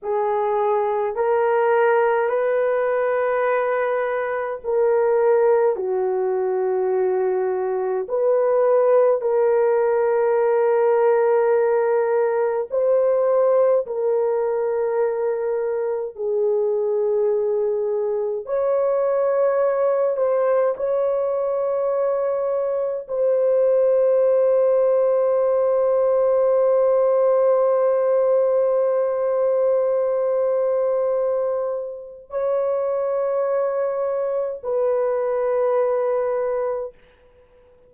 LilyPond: \new Staff \with { instrumentName = "horn" } { \time 4/4 \tempo 4 = 52 gis'4 ais'4 b'2 | ais'4 fis'2 b'4 | ais'2. c''4 | ais'2 gis'2 |
cis''4. c''8 cis''2 | c''1~ | c''1 | cis''2 b'2 | }